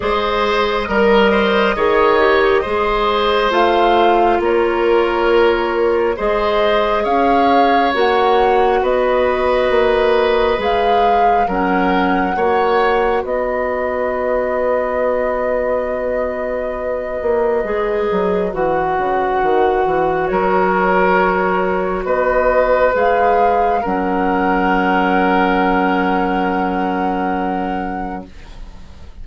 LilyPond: <<
  \new Staff \with { instrumentName = "flute" } { \time 4/4 \tempo 4 = 68 dis''1 | f''4 cis''2 dis''4 | f''4 fis''4 dis''2 | f''4 fis''2 dis''4~ |
dis''1~ | dis''4 fis''2 cis''4~ | cis''4 dis''4 f''4 fis''4~ | fis''1 | }
  \new Staff \with { instrumentName = "oboe" } { \time 4/4 c''4 ais'8 c''8 cis''4 c''4~ | c''4 ais'2 c''4 | cis''2 b'2~ | b'4 ais'4 cis''4 b'4~ |
b'1~ | b'2. ais'4~ | ais'4 b'2 ais'4~ | ais'1 | }
  \new Staff \with { instrumentName = "clarinet" } { \time 4/4 gis'4 ais'4 gis'8 g'8 gis'4 | f'2. gis'4~ | gis'4 fis'2. | gis'4 cis'4 fis'2~ |
fis'1 | gis'4 fis'2.~ | fis'2 gis'4 cis'4~ | cis'1 | }
  \new Staff \with { instrumentName = "bassoon" } { \time 4/4 gis4 g4 dis4 gis4 | a4 ais2 gis4 | cis'4 ais4 b4 ais4 | gis4 fis4 ais4 b4~ |
b2.~ b8 ais8 | gis8 fis8 e8 cis8 dis8 e8 fis4~ | fis4 b4 gis4 fis4~ | fis1 | }
>>